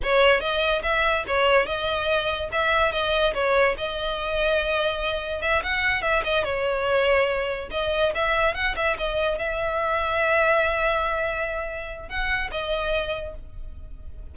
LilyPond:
\new Staff \with { instrumentName = "violin" } { \time 4/4 \tempo 4 = 144 cis''4 dis''4 e''4 cis''4 | dis''2 e''4 dis''4 | cis''4 dis''2.~ | dis''4 e''8 fis''4 e''8 dis''8 cis''8~ |
cis''2~ cis''8 dis''4 e''8~ | e''8 fis''8 e''8 dis''4 e''4.~ | e''1~ | e''4 fis''4 dis''2 | }